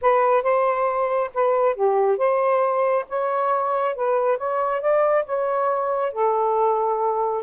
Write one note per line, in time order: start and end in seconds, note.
0.01 0.42 B4
0.42 1.30 C5
1.34 1.75 B4
1.75 2.17 G4
2.17 3.05 C5
3.08 3.95 C#5
3.95 4.37 B4
4.37 4.80 C#5
4.80 5.24 D5
5.25 6.12 C#5
6.12 7.43 A4